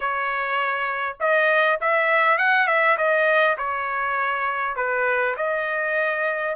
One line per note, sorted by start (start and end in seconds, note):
0.00 1.17 C#5
1.20 1.79 D#5
1.80 2.38 E5
2.38 2.67 F#5
2.67 2.96 E5
2.97 3.56 D#5
3.57 4.76 C#5
4.76 5.35 B4
5.36 6.55 D#5